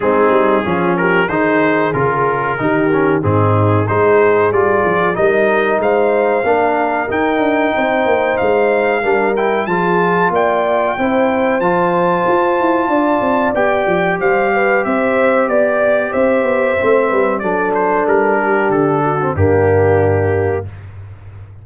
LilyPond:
<<
  \new Staff \with { instrumentName = "trumpet" } { \time 4/4 \tempo 4 = 93 gis'4. ais'8 c''4 ais'4~ | ais'4 gis'4 c''4 d''4 | dis''4 f''2 g''4~ | g''4 f''4. g''8 a''4 |
g''2 a''2~ | a''4 g''4 f''4 e''4 | d''4 e''2 d''8 c''8 | ais'4 a'4 g'2 | }
  \new Staff \with { instrumentName = "horn" } { \time 4/4 dis'4 f'8 g'8 gis'2 | g'4 dis'4 gis'2 | ais'4 c''4 ais'2 | c''2 ais'4 gis'4 |
d''4 c''2. | d''2 c''8 b'8 c''4 | d''4 c''4. b'8 a'4~ | a'8 g'4 fis'8 d'2 | }
  \new Staff \with { instrumentName = "trombone" } { \time 4/4 c'4 cis'4 dis'4 f'4 | dis'8 cis'8 c'4 dis'4 f'4 | dis'2 d'4 dis'4~ | dis'2 d'8 e'8 f'4~ |
f'4 e'4 f'2~ | f'4 g'2.~ | g'2 c'4 d'4~ | d'4.~ d'16 c'16 ais2 | }
  \new Staff \with { instrumentName = "tuba" } { \time 4/4 gis8 g8 f4 dis4 cis4 | dis4 gis,4 gis4 g8 f8 | g4 gis4 ais4 dis'8 d'8 | c'8 ais8 gis4 g4 f4 |
ais4 c'4 f4 f'8 e'8 | d'8 c'8 b8 f8 g4 c'4 | b4 c'8 b8 a8 g8 fis4 | g4 d4 g,2 | }
>>